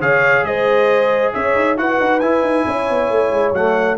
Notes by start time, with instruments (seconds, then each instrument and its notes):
0.00 tuba C#3, trombone G#4, horn C#5, trumpet F5
0.43 tuba G#3, horn C5, trumpet D#5
1.33 tuba C#4, horn C#5, trumpet E5
1.55 tuba D#4
1.77 tuba E4, trombone F#4, horn B4, trumpet F#5
2.00 tuba D#4
2.20 tuba E4, trombone E4, trumpet G#5
2.42 tuba D#4
2.67 tuba C#4, horn C#5
2.90 tuba B3
3.10 tuba A3
3.30 tuba G#3
3.52 tuba F#3, trombone A3, trumpet F#5